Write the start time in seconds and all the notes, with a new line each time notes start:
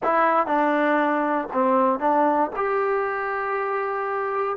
0.03 E4
0.46 D4
1.52 C4
1.99 D4
2.56 G4